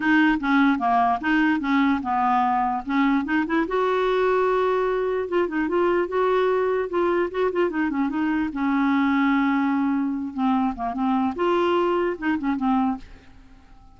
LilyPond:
\new Staff \with { instrumentName = "clarinet" } { \time 4/4 \tempo 4 = 148 dis'4 cis'4 ais4 dis'4 | cis'4 b2 cis'4 | dis'8 e'8 fis'2.~ | fis'4 f'8 dis'8 f'4 fis'4~ |
fis'4 f'4 fis'8 f'8 dis'8 cis'8 | dis'4 cis'2.~ | cis'4. c'4 ais8 c'4 | f'2 dis'8 cis'8 c'4 | }